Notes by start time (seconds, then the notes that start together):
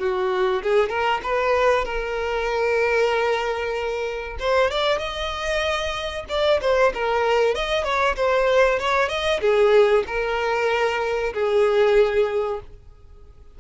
0.00 F#4
0.63 G#4
0.90 A#4
1.23 B4
1.85 A#4
4.40 C5
4.71 D5
4.99 D#5
6.30 D5
6.62 C5
6.95 A#4
7.55 D#5
7.85 C#5
8.17 C5
8.80 C#5
9.09 D#5
9.41 G#4
10.07 A#4
11.34 G#4